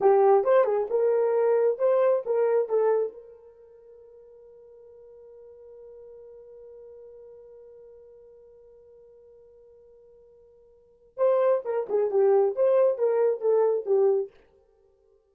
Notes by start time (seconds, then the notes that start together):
0.00 G4
0.44 C5
0.64 G#4
0.90 A#4
1.78 C5
2.25 A#4
2.69 A4
3.12 A#4
11.17 C5
11.64 A#4
11.89 G#4
12.10 G4
12.55 C5
12.97 A#4
13.40 A4
13.85 G4